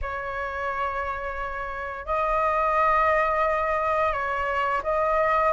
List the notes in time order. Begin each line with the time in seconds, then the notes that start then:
0.01 C#5
2.05 D#5
4.12 C#5
4.83 D#5